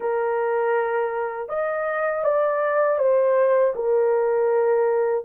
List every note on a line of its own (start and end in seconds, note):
0.00 1.49 A#4
1.49 2.24 D#5
2.24 2.98 D5
2.98 3.73 C5
3.75 5.24 A#4